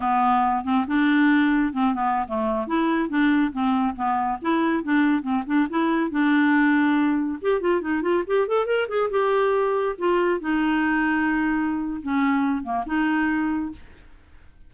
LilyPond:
\new Staff \with { instrumentName = "clarinet" } { \time 4/4 \tempo 4 = 140 b4. c'8 d'2 | c'8 b8. a4 e'4 d'8.~ | d'16 c'4 b4 e'4 d'8.~ | d'16 c'8 d'8 e'4 d'4.~ d'16~ |
d'4~ d'16 g'8 f'8 dis'8 f'8 g'8 a'16~ | a'16 ais'8 gis'8 g'2 f'8.~ | f'16 dis'2.~ dis'8. | cis'4. ais8 dis'2 | }